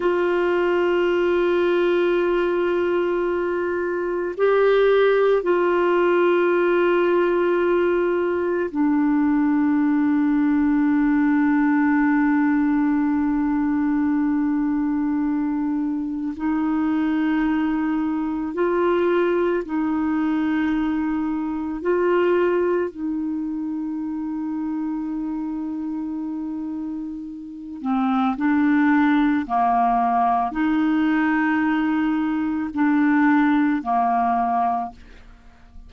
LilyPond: \new Staff \with { instrumentName = "clarinet" } { \time 4/4 \tempo 4 = 55 f'1 | g'4 f'2. | d'1~ | d'2. dis'4~ |
dis'4 f'4 dis'2 | f'4 dis'2.~ | dis'4. c'8 d'4 ais4 | dis'2 d'4 ais4 | }